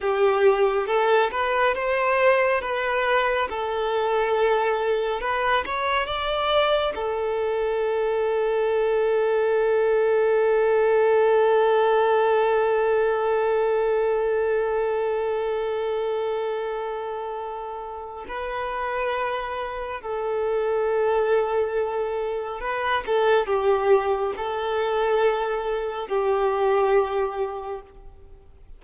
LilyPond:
\new Staff \with { instrumentName = "violin" } { \time 4/4 \tempo 4 = 69 g'4 a'8 b'8 c''4 b'4 | a'2 b'8 cis''8 d''4 | a'1~ | a'1~ |
a'1~ | a'4 b'2 a'4~ | a'2 b'8 a'8 g'4 | a'2 g'2 | }